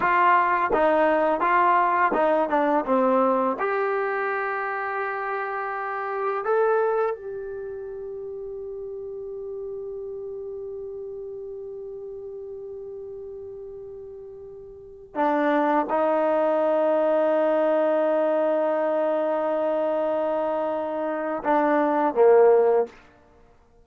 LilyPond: \new Staff \with { instrumentName = "trombone" } { \time 4/4 \tempo 4 = 84 f'4 dis'4 f'4 dis'8 d'8 | c'4 g'2.~ | g'4 a'4 g'2~ | g'1~ |
g'1~ | g'4~ g'16 d'4 dis'4.~ dis'16~ | dis'1~ | dis'2 d'4 ais4 | }